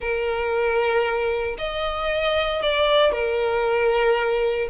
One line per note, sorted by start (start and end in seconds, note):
0.00 1.57 A#4
1.57 2.62 D#5
2.62 3.11 D5
3.11 4.68 A#4